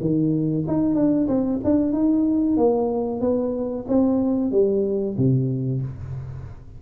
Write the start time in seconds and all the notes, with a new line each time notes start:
0.00 D#3
0.67 D#4
0.95 D4
1.27 C4
1.64 D4
1.92 D#4
2.57 A#3
3.20 B3
3.88 C4
4.51 G3
5.17 C3